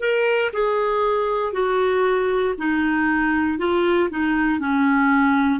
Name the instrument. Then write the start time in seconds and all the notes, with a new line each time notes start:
clarinet
0.00 A#4
0.53 G#4
1.53 F#4
2.57 D#4
3.58 F4
4.10 D#4
4.59 C#4